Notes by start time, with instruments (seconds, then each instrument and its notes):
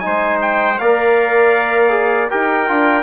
0.00 trombone D#4, trumpet G#5
0.06 bassoon G#3, trumpet C5
0.42 trumpet G5
0.79 bassoon A#3, trombone A#4, trumpet D5 F5
1.90 trombone G#4
2.30 bassoon D#4, trombone G4, trumpet A#4 G5
2.68 bassoon D4, trombone F4